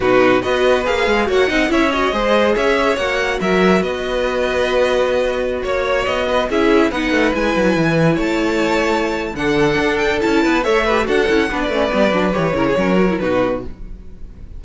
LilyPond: <<
  \new Staff \with { instrumentName = "violin" } { \time 4/4 \tempo 4 = 141 b'4 dis''4 f''4 fis''4 | e''8 dis''4. e''4 fis''4 | e''4 dis''2.~ | dis''4~ dis''16 cis''4 dis''4 e''8.~ |
e''16 fis''4 gis''2 a''8.~ | a''2 fis''4. g''8 | a''4 e''4 fis''4~ fis''16 d''8.~ | d''4 cis''2 b'4 | }
  \new Staff \with { instrumentName = "violin" } { \time 4/4 fis'4 b'2 cis''8 dis''8 | cis''4 c''4 cis''2 | ais'4 b'2.~ | b'4~ b'16 cis''4. b'8 gis'8.~ |
gis'16 b'2. cis''8.~ | cis''2 a'2~ | a'8 b'8 cis''8 b'8 a'4 b'4~ | b'4. ais'16 gis'16 ais'4 fis'4 | }
  \new Staff \with { instrumentName = "viola" } { \time 4/4 dis'4 fis'4 gis'4 fis'8 dis'8 | e'8 fis'8 gis'2 fis'4~ | fis'1~ | fis'2.~ fis'16 e'8.~ |
e'16 dis'4 e'2~ e'8.~ | e'2 d'2 | e'4 a'8 g'8 fis'8 e'8 d'8 cis'8 | b8 d'8 g'8 e'8 cis'8 fis'16 e'16 dis'4 | }
  \new Staff \with { instrumentName = "cello" } { \time 4/4 b,4 b4 ais8 gis8 ais8 c'8 | cis'4 gis4 cis'4 ais4 | fis4 b2.~ | b4~ b16 ais4 b4 cis'8.~ |
cis'16 b8 a8 gis8 fis8 e4 a8.~ | a2 d4 d'4 | cis'8 b8 a4 d'8 cis'8 b8 a8 | g8 fis8 e8 cis8 fis4 b,4 | }
>>